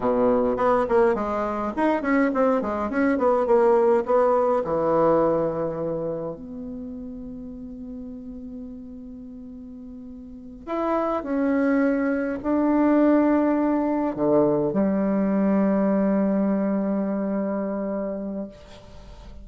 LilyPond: \new Staff \with { instrumentName = "bassoon" } { \time 4/4 \tempo 4 = 104 b,4 b8 ais8 gis4 dis'8 cis'8 | c'8 gis8 cis'8 b8 ais4 b4 | e2. b4~ | b1~ |
b2~ b8 e'4 cis'8~ | cis'4. d'2~ d'8~ | d'8 d4 g2~ g8~ | g1 | }